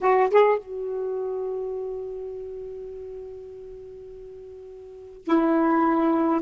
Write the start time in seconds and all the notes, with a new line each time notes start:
0.01 F#4
0.30 G#4
0.59 F#4
5.24 E4